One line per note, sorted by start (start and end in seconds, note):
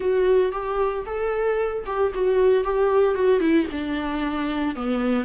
0.00 0.52 F#4
0.52 1.04 G4
1.06 1.84 A4
1.86 2.12 G4
2.14 2.64 F#4
2.64 3.14 G4
3.14 3.40 F#4
3.40 3.66 E4
3.71 4.75 D4
4.75 5.24 B3